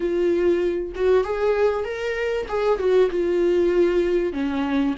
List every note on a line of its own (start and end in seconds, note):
0.00 0.93 F4
0.95 1.24 F#4
1.24 1.84 G#4
1.84 2.46 A#4
2.48 2.78 G#4
2.78 3.09 F#4
3.10 4.32 F4
4.32 4.94 C#4